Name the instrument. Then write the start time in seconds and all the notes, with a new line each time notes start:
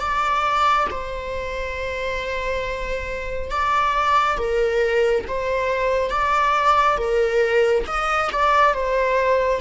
viola
0.00 D5
0.91 C5
3.51 D5
4.38 A#4
5.28 C5
6.10 D5
6.97 A#4
7.87 D#5
8.32 D5
8.74 C5